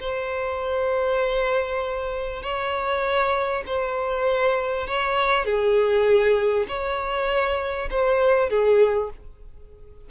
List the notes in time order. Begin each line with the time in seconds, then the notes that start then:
0.00 C5
2.42 C#5
3.66 C5
4.87 C#5
5.45 G#4
6.68 C#5
7.90 C5
8.49 G#4